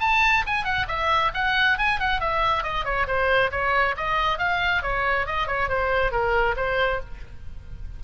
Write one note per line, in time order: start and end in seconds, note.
0.00 0.44 A5
0.46 0.64 G#5
0.64 0.86 F#5
0.88 1.32 E5
1.34 1.78 F#5
1.78 2.00 G#5
2.00 2.20 F#5
2.20 2.63 E5
2.63 2.85 D#5
2.85 3.07 C#5
3.07 3.51 C5
3.51 3.95 C#5
3.97 4.38 D#5
4.38 4.82 F5
4.82 5.26 C#5
5.27 5.47 D#5
5.47 5.69 C#5
5.69 6.11 C5
6.11 6.55 A#4
6.56 7.00 C5